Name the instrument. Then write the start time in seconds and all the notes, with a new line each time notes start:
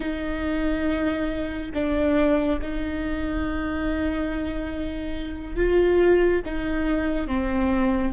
viola
0.00 D#4
1.74 D4
2.61 D#4
5.56 F4
6.45 D#4
7.27 C4